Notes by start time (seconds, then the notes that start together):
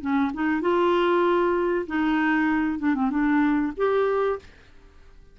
0.00 C#4
0.33 D#4
0.61 F4
1.86 D#4
2.79 D4
2.95 C4
3.10 D4
3.76 G4